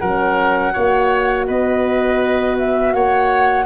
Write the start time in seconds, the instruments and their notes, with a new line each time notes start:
0.00 tuba F#3, horn C#4, oboe A#4, flute F#5
0.74 tuba A#3, horn F#4, oboe C#5
1.48 tuba B3, oboe B4, flute D#5
2.59 flute E5
2.94 tuba A#3, oboe C#5, flute F#5